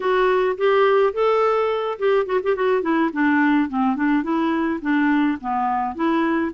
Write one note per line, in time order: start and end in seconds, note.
0.00 0.56 F#4
0.57 1.13 G4
1.13 1.98 A4
1.98 2.25 G4
2.25 2.40 F#4
2.43 2.55 G4
2.55 2.81 F#4
2.81 3.10 E4
3.12 3.69 D4
3.69 3.96 C4
3.96 4.23 D4
4.23 4.80 E4
4.81 5.38 D4
5.41 5.95 B3
5.95 6.51 E4